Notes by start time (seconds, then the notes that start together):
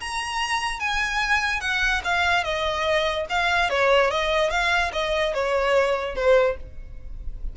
0.00 A#5
0.80 G#5
1.60 F#5
2.04 F5
2.43 D#5
3.29 F5
3.70 C#5
4.10 D#5
4.50 F5
4.92 D#5
5.33 C#5
6.15 C5